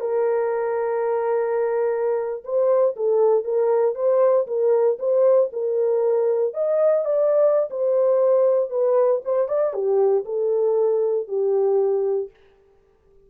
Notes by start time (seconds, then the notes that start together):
0.00 A#4
2.44 C5
2.96 A4
3.44 A#4
3.95 C5
4.47 A#4
4.99 C5
5.53 A#4
6.53 D#5
7.05 D5
7.70 C5
8.70 B4
9.24 C5
9.48 D5
9.73 G4
10.25 A4
11.28 G4